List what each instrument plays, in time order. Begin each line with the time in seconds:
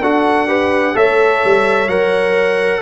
0.00 tuba D4, trombone F#4, horn A4, trumpet F#5
0.47 trombone G4, horn B4
0.94 tuba A3, trombone A4, horn C#5, trumpet E5
1.44 tuba G3
1.87 tuba F#3, trombone A#4, trumpet F#5